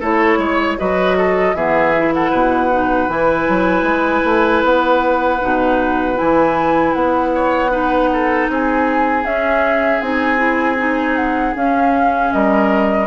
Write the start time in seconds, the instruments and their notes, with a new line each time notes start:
0.00 bassoon A3, clarinet E4, oboe A4, flute C#5
0.38 bassoon G#3, oboe C#5
0.78 bassoon F#3, clarinet F#4, oboe B4, flute D#5
1.17 oboe A4
1.54 bassoon E3, clarinet B3, oboe G#4, flute E5
1.98 clarinet E4
2.14 oboe A4, flute F#5
2.30 bassoon B2, oboe B4
2.71 clarinet D#4
3.08 bassoon E3, clarinet E4, flute G#5
3.49 bassoon F#3
3.83 bassoon G#3
4.24 bassoon A3
4.63 bassoon B3, flute F#5
5.41 bassoon B2, clarinet D#4
6.15 bassoon E3, clarinet E4, flute G#5
6.93 bassoon B3, flute F#5
7.35 oboe C#5
7.71 clarinet D#4, oboe B4
8.12 oboe A4
8.49 bassoon C4, oboe G#4, flute G#5
9.24 clarinet C#4, bassoon C#4, flute E5
10.01 bassoon C4, clarinet D#4, flute G#5
10.37 clarinet E4
10.78 clarinet D#4
11.16 flute F#5
11.55 clarinet C#4, bassoon C#4, flute F5
12.33 bassoon G3, oboe A#4, flute D#5